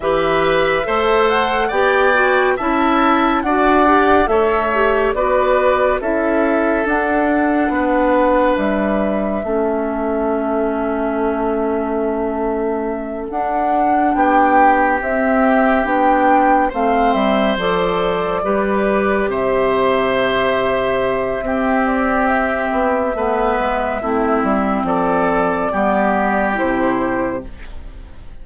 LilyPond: <<
  \new Staff \with { instrumentName = "flute" } { \time 4/4 \tempo 4 = 70 e''4. fis''8 g''4 a''4 | fis''4 e''4 d''4 e''4 | fis''2 e''2~ | e''2.~ e''8 fis''8~ |
fis''8 g''4 e''4 g''4 f''8 | e''8 d''2 e''4.~ | e''4. d''8 e''2~ | e''4 d''2 c''4 | }
  \new Staff \with { instrumentName = "oboe" } { \time 4/4 b'4 c''4 d''4 e''4 | d''4 cis''4 b'4 a'4~ | a'4 b'2 a'4~ | a'1~ |
a'8 g'2. c''8~ | c''4. b'4 c''4.~ | c''4 g'2 b'4 | e'4 a'4 g'2 | }
  \new Staff \with { instrumentName = "clarinet" } { \time 4/4 g'4 a'4 g'8 fis'8 e'4 | fis'8 g'8 a'8 g'8 fis'4 e'4 | d'2. cis'4~ | cis'2.~ cis'8 d'8~ |
d'4. c'4 d'4 c'8~ | c'8 a'4 g'2~ g'8~ | g'4 c'2 b4 | c'2 b4 e'4 | }
  \new Staff \with { instrumentName = "bassoon" } { \time 4/4 e4 a4 b4 cis'4 | d'4 a4 b4 cis'4 | d'4 b4 g4 a4~ | a2.~ a8 d'8~ |
d'8 b4 c'4 b4 a8 | g8 f4 g4 c4.~ | c4 c'4. b8 a8 gis8 | a8 g8 f4 g4 c4 | }
>>